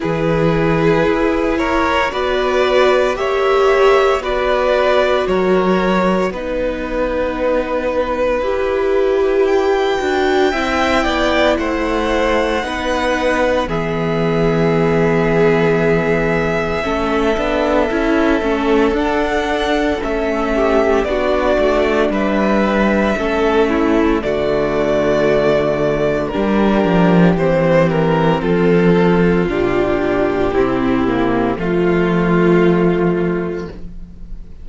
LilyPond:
<<
  \new Staff \with { instrumentName = "violin" } { \time 4/4 \tempo 4 = 57 b'4. cis''8 d''4 e''4 | d''4 cis''4 b'2~ | b'4 g''2 fis''4~ | fis''4 e''2.~ |
e''2 fis''4 e''4 | d''4 e''2 d''4~ | d''4 ais'4 c''8 ais'8 a'4 | g'2 f'2 | }
  \new Staff \with { instrumentName = "violin" } { \time 4/4 gis'4. ais'8 b'4 cis''4 | b'4 ais'4 b'2~ | b'2 e''8 d''8 c''4 | b'4 gis'2. |
a'2.~ a'8 g'8 | fis'4 b'4 a'8 e'8 fis'4~ | fis'4 g'2 f'4~ | f'4 e'4 f'2 | }
  \new Staff \with { instrumentName = "viola" } { \time 4/4 e'2 fis'4 g'4 | fis'2 dis'2 | g'4. fis'8 e'2 | dis'4 b2. |
cis'8 d'8 e'8 cis'8 d'4 cis'4 | d'2 cis'4 a4~ | a4 d'4 c'2 | d'4 c'8 ais8 a2 | }
  \new Staff \with { instrumentName = "cello" } { \time 4/4 e4 e'4 b4 ais4 | b4 fis4 b2 | e'4. d'8 c'8 b8 a4 | b4 e2. |
a8 b8 cis'8 a8 d'4 a4 | b8 a8 g4 a4 d4~ | d4 g8 f8 e4 f4 | ais,4 c4 f2 | }
>>